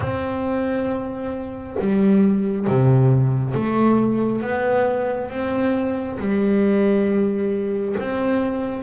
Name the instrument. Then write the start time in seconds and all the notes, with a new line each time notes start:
double bass
0.00 C4
1.79 G3
2.67 C3
3.54 A3
4.41 B3
5.30 C4
6.18 G3
7.99 C4